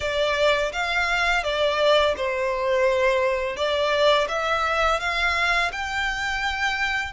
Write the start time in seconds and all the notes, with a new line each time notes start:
0.00 D5
0.72 F5
1.43 D5
2.16 C5
3.56 D5
4.28 E5
5.00 F5
5.71 G5